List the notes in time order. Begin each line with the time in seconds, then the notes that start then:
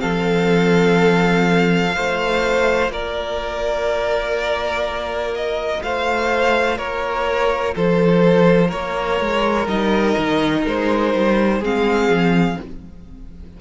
0.00 F3 C4 A4 F5
1.92 A3 F4 C5
2.89 A#3 A#4 D5
5.35 D#5
5.83 A3 C5 F5
6.78 A#3 A#4 C#5
7.75 F3 A4 C5
8.68 A#3 A#4 C#5
9.21 G#3
9.67 G3 D#4 D#5
10.18 D#3
10.67 G#3 C5
11.15 G3
11.60 G#3 C4 G#4 F5
12.09 F3